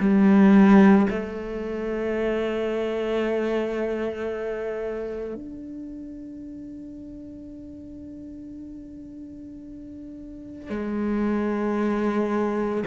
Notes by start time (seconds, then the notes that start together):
0.00 G3
1.10 A3
5.35 D4
10.69 G#3